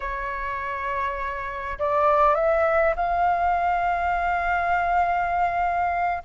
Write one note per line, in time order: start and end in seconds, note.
0.00 1.78 C#5
1.78 2.34 D5
2.34 2.94 E5
2.96 6.22 F5